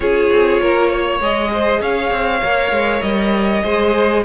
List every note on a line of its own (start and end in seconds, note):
0.00 0.30 C#4
0.00 1.20 F4
0.00 0.61 G#4
0.00 1.21 C#5
0.31 0.61 C4
0.61 1.20 A#3
0.61 0.90 A#4
0.90 1.50 C#5
1.20 1.80 G#3
1.20 2.42 G#4
1.20 1.82 D#5
1.52 1.81 C5
1.80 2.11 C#4
1.80 3.63 C#5
1.80 3.01 F5
2.11 2.41 C4
2.42 2.71 A#3
2.42 3.62 A#4
2.71 3.01 G#3
3.01 3.63 G3
3.01 4.22 D#5
3.62 4.24 G#3
3.62 4.23 G#4
3.62 4.23 C5